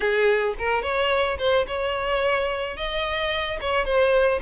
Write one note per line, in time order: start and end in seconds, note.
0.00 0.54 G#4
0.58 0.82 A#4
0.82 1.37 C#5
1.38 1.65 C5
1.67 2.76 C#5
2.76 3.59 D#5
3.61 3.85 C#5
3.85 4.40 C5